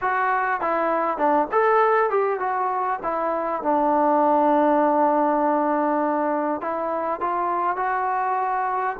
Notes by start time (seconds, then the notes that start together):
0.01 F#4
0.61 E4
1.17 D4
1.51 A4
2.09 G4
2.39 F#4
3.02 E4
3.62 D4
6.61 E4
7.20 F4
7.76 F#4